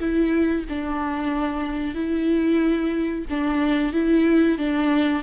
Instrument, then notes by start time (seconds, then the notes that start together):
viola
0.00 E4
0.69 D4
1.95 E4
3.30 D4
3.93 E4
4.58 D4